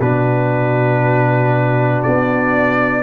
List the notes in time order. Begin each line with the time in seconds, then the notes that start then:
0.00 B2 D4 F#4 B4
2.03 B3 D5